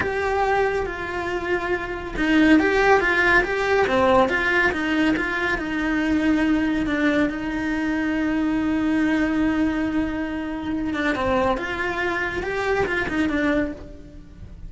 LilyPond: \new Staff \with { instrumentName = "cello" } { \time 4/4 \tempo 4 = 140 g'2 f'2~ | f'4 dis'4 g'4 f'4 | g'4 c'4 f'4 dis'4 | f'4 dis'2. |
d'4 dis'2.~ | dis'1~ | dis'4. d'8 c'4 f'4~ | f'4 g'4 f'8 dis'8 d'4 | }